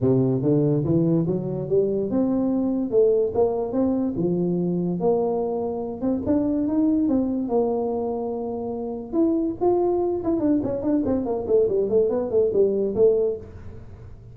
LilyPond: \new Staff \with { instrumentName = "tuba" } { \time 4/4 \tempo 4 = 144 c4 d4 e4 fis4 | g4 c'2 a4 | ais4 c'4 f2 | ais2~ ais8 c'8 d'4 |
dis'4 c'4 ais2~ | ais2 e'4 f'4~ | f'8 e'8 d'8 cis'8 d'8 c'8 ais8 a8 | g8 a8 b8 a8 g4 a4 | }